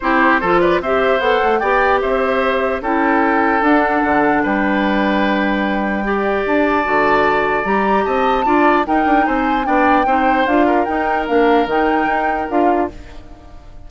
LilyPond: <<
  \new Staff \with { instrumentName = "flute" } { \time 4/4 \tempo 4 = 149 c''4. d''8 e''4 fis''4 | g''4 e''2 g''4~ | g''4 fis''2 g''4~ | g''1 |
a''2. ais''4 | a''2 g''4 gis''4 | g''2 f''4 g''4 | f''4 g''2 f''4 | }
  \new Staff \with { instrumentName = "oboe" } { \time 4/4 g'4 a'8 b'8 c''2 | d''4 c''2 a'4~ | a'2. b'4~ | b'2. d''4~ |
d''1 | dis''4 d''4 ais'4 c''4 | d''4 c''4. ais'4.~ | ais'1 | }
  \new Staff \with { instrumentName = "clarinet" } { \time 4/4 e'4 f'4 g'4 a'4 | g'2. e'4~ | e'4 d'2.~ | d'2. g'4~ |
g'4 fis'2 g'4~ | g'4 f'4 dis'2 | d'4 dis'4 f'4 dis'4 | d'4 dis'2 f'4 | }
  \new Staff \with { instrumentName = "bassoon" } { \time 4/4 c'4 f4 c'4 b8 a8 | b4 c'2 cis'4~ | cis'4 d'4 d4 g4~ | g1 |
d'4 d2 g4 | c'4 d'4 dis'8 d'8 c'4 | b4 c'4 d'4 dis'4 | ais4 dis4 dis'4 d'4 | }
>>